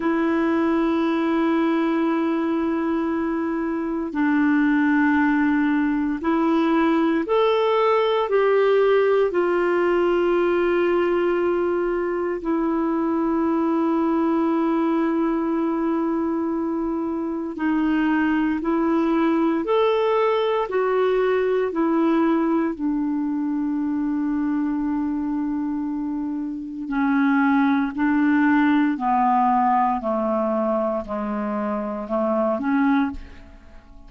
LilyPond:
\new Staff \with { instrumentName = "clarinet" } { \time 4/4 \tempo 4 = 58 e'1 | d'2 e'4 a'4 | g'4 f'2. | e'1~ |
e'4 dis'4 e'4 a'4 | fis'4 e'4 d'2~ | d'2 cis'4 d'4 | b4 a4 gis4 a8 cis'8 | }